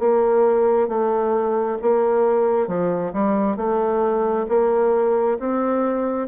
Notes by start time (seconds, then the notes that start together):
0.00 A#3
0.88 A3
1.82 A#3
2.68 F3
3.13 G3
3.57 A3
4.49 A#3
5.40 C4